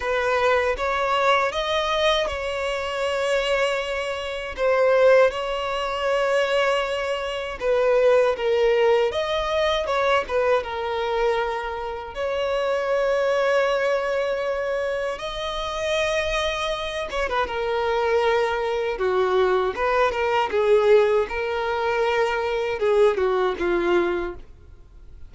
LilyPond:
\new Staff \with { instrumentName = "violin" } { \time 4/4 \tempo 4 = 79 b'4 cis''4 dis''4 cis''4~ | cis''2 c''4 cis''4~ | cis''2 b'4 ais'4 | dis''4 cis''8 b'8 ais'2 |
cis''1 | dis''2~ dis''8 cis''16 b'16 ais'4~ | ais'4 fis'4 b'8 ais'8 gis'4 | ais'2 gis'8 fis'8 f'4 | }